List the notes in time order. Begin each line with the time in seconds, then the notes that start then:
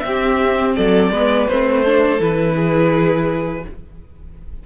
0.00 C4 E5
0.07 G4
0.76 F#3 A4 D5
1.10 G#3 B3 B4
1.48 A3 C4 C5
1.84 D4 A4
2.19 E3 E4 B4
2.55 G#4